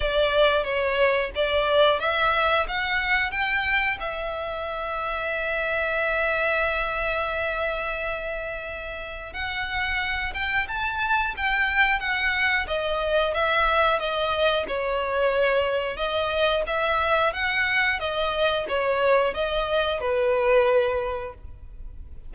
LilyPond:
\new Staff \with { instrumentName = "violin" } { \time 4/4 \tempo 4 = 90 d''4 cis''4 d''4 e''4 | fis''4 g''4 e''2~ | e''1~ | e''2 fis''4. g''8 |
a''4 g''4 fis''4 dis''4 | e''4 dis''4 cis''2 | dis''4 e''4 fis''4 dis''4 | cis''4 dis''4 b'2 | }